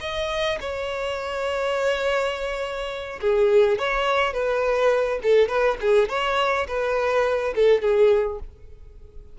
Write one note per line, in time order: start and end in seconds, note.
0.00 0.58 D#5
0.60 3.19 C#5
3.20 3.78 G#4
3.78 4.33 C#5
4.33 5.19 B4
5.22 5.48 A4
5.48 5.77 B4
5.80 6.09 G#4
6.09 6.66 C#5
6.67 7.54 B4
7.55 7.81 A4
7.81 8.39 G#4